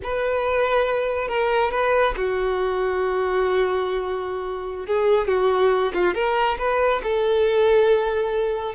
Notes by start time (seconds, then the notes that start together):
0.03 B4
1.28 A#4
1.71 B4
2.16 F#4
4.86 G#4
5.27 F#4
5.93 F4
6.14 A#4
6.58 B4
7.03 A4